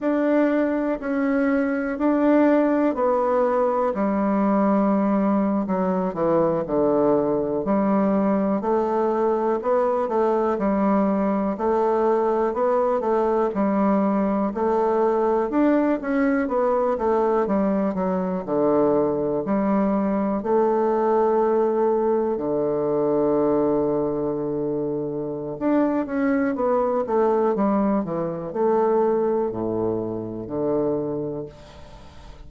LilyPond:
\new Staff \with { instrumentName = "bassoon" } { \time 4/4 \tempo 4 = 61 d'4 cis'4 d'4 b4 | g4.~ g16 fis8 e8 d4 g16~ | g8. a4 b8 a8 g4 a16~ | a8. b8 a8 g4 a4 d'16~ |
d'16 cis'8 b8 a8 g8 fis8 d4 g16~ | g8. a2 d4~ d16~ | d2 d'8 cis'8 b8 a8 | g8 e8 a4 a,4 d4 | }